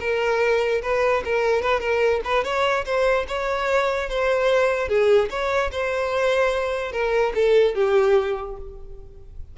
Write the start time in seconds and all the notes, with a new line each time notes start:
0.00 A#4
0.82 B4
1.24 A#4
1.62 B4
1.80 A#4
2.24 B4
2.44 C#5
2.85 C5
3.28 C#5
4.09 C5
4.88 G#4
5.30 C#5
5.72 C5
6.92 A#4
7.35 A4
7.75 G4